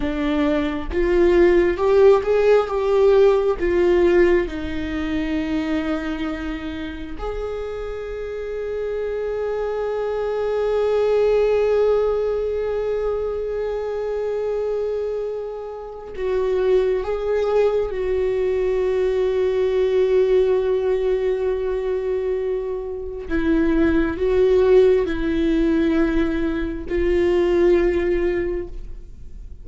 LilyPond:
\new Staff \with { instrumentName = "viola" } { \time 4/4 \tempo 4 = 67 d'4 f'4 g'8 gis'8 g'4 | f'4 dis'2. | gis'1~ | gis'1~ |
gis'2 fis'4 gis'4 | fis'1~ | fis'2 e'4 fis'4 | e'2 f'2 | }